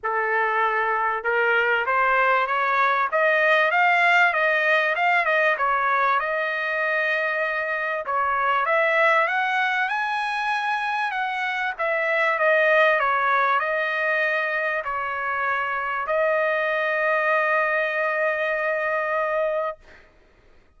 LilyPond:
\new Staff \with { instrumentName = "trumpet" } { \time 4/4 \tempo 4 = 97 a'2 ais'4 c''4 | cis''4 dis''4 f''4 dis''4 | f''8 dis''8 cis''4 dis''2~ | dis''4 cis''4 e''4 fis''4 |
gis''2 fis''4 e''4 | dis''4 cis''4 dis''2 | cis''2 dis''2~ | dis''1 | }